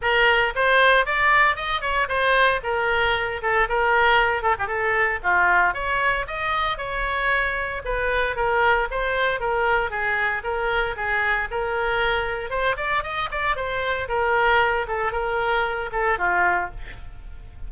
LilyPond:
\new Staff \with { instrumentName = "oboe" } { \time 4/4 \tempo 4 = 115 ais'4 c''4 d''4 dis''8 cis''8 | c''4 ais'4. a'8 ais'4~ | ais'8 a'16 g'16 a'4 f'4 cis''4 | dis''4 cis''2 b'4 |
ais'4 c''4 ais'4 gis'4 | ais'4 gis'4 ais'2 | c''8 d''8 dis''8 d''8 c''4 ais'4~ | ais'8 a'8 ais'4. a'8 f'4 | }